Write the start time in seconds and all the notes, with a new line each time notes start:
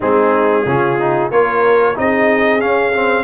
0.00 G#3 C4 D#4 G#4
0.65 C#3 C#4 F4
0.99 D#4
1.30 A#3 F4 A#4 C#5
1.95 C4 D#4 G#4 D#5
2.60 C#4 F5
2.93 C4